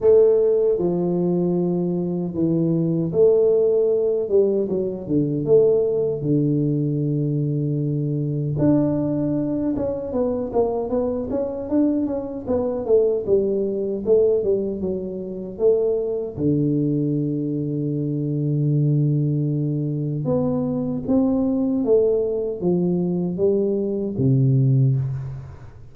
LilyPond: \new Staff \with { instrumentName = "tuba" } { \time 4/4 \tempo 4 = 77 a4 f2 e4 | a4. g8 fis8 d8 a4 | d2. d'4~ | d'8 cis'8 b8 ais8 b8 cis'8 d'8 cis'8 |
b8 a8 g4 a8 g8 fis4 | a4 d2.~ | d2 b4 c'4 | a4 f4 g4 c4 | }